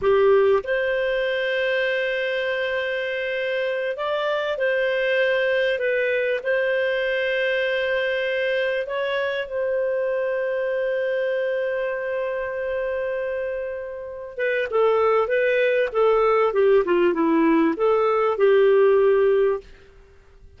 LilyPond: \new Staff \with { instrumentName = "clarinet" } { \time 4/4 \tempo 4 = 98 g'4 c''2.~ | c''2~ c''8 d''4 c''8~ | c''4. b'4 c''4.~ | c''2~ c''8 cis''4 c''8~ |
c''1~ | c''2.~ c''8 b'8 | a'4 b'4 a'4 g'8 f'8 | e'4 a'4 g'2 | }